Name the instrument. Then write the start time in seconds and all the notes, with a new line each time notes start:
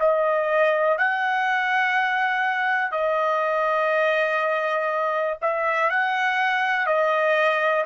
trumpet
0.00 D#5
0.98 F#5
2.92 D#5
5.42 E5
5.90 F#5
6.87 D#5